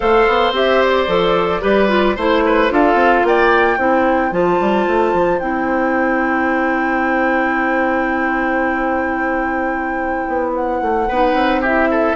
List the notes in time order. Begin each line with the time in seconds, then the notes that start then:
0.00 A3 A4 C5 F5
0.27 B3
0.52 C4 G4 E5
0.83 D5
1.07 F3 A4
1.61 G3 G4 B4
1.88 F4
2.15 A3 E4 C5
2.45 B4
2.69 D4 F4 A4 F5
2.94 C4
3.23 A#3 D5 G5
3.77 C4 E4 C5
4.31 F3 F4 A5
4.60 G3
4.86 A3
5.13 F3
5.39 C4 E4 G5
10.27 B3
10.54 F#5
10.81 A3
11.08 B3 D#4 B4
11.33 C4
11.61 E4 G4 E5
11.91 A4